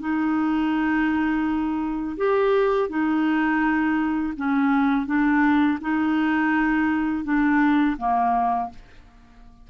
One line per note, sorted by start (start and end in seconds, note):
0.00 2.17 D#4
2.18 2.89 G4
2.89 4.34 D#4
4.37 5.07 C#4
5.07 5.79 D4
5.81 7.25 D#4
7.25 7.97 D4
7.98 8.70 A#3